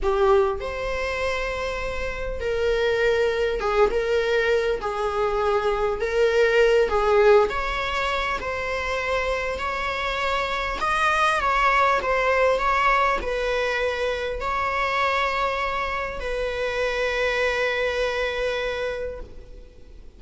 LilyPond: \new Staff \with { instrumentName = "viola" } { \time 4/4 \tempo 4 = 100 g'4 c''2. | ais'2 gis'8 ais'4. | gis'2 ais'4. gis'8~ | gis'8 cis''4. c''2 |
cis''2 dis''4 cis''4 | c''4 cis''4 b'2 | cis''2. b'4~ | b'1 | }